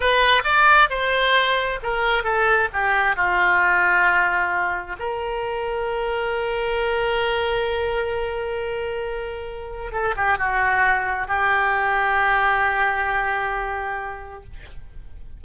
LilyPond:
\new Staff \with { instrumentName = "oboe" } { \time 4/4 \tempo 4 = 133 b'4 d''4 c''2 | ais'4 a'4 g'4 f'4~ | f'2. ais'4~ | ais'1~ |
ais'1~ | ais'2 a'8 g'8 fis'4~ | fis'4 g'2.~ | g'1 | }